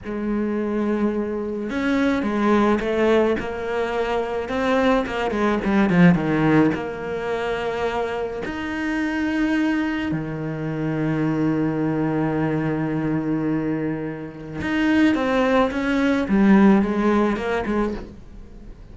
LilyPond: \new Staff \with { instrumentName = "cello" } { \time 4/4 \tempo 4 = 107 gis2. cis'4 | gis4 a4 ais2 | c'4 ais8 gis8 g8 f8 dis4 | ais2. dis'4~ |
dis'2 dis2~ | dis1~ | dis2 dis'4 c'4 | cis'4 g4 gis4 ais8 gis8 | }